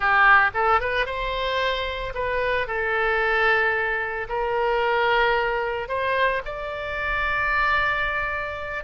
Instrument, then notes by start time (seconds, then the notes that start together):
oboe
0.00 G4
0.54 A4
0.80 B4
1.06 C5
2.14 B4
2.67 A4
4.29 A#4
5.88 C5
6.45 D5